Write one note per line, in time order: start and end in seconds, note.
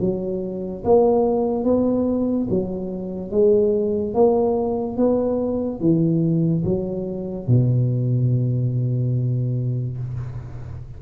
0.00 0.83 F#3
0.84 1.64 A#3
1.64 2.47 B3
2.50 3.31 F#3
3.31 4.14 G#3
4.14 4.97 A#3
4.97 5.80 B3
5.80 6.63 E3
6.64 7.47 F#3
7.47 9.97 B2